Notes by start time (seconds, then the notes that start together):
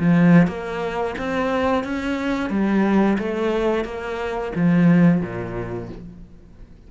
0.00 F3
0.48 A#3
1.19 C4
1.84 C#4
2.50 G3
3.19 A3
3.85 A#3
4.56 F3
5.22 A#2